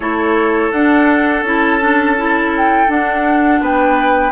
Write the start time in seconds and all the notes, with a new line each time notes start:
0.00 A3 E4 A4 C#5
0.71 D4 F#5
1.42 C#4 E4 A5
1.80 D4
2.16 E4
2.57 G5
2.87 D4 F#5
3.60 B3 B4 G5